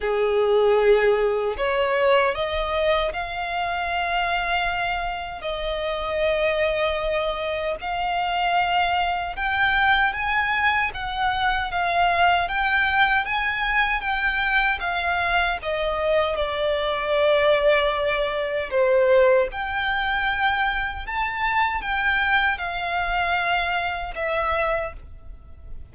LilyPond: \new Staff \with { instrumentName = "violin" } { \time 4/4 \tempo 4 = 77 gis'2 cis''4 dis''4 | f''2. dis''4~ | dis''2 f''2 | g''4 gis''4 fis''4 f''4 |
g''4 gis''4 g''4 f''4 | dis''4 d''2. | c''4 g''2 a''4 | g''4 f''2 e''4 | }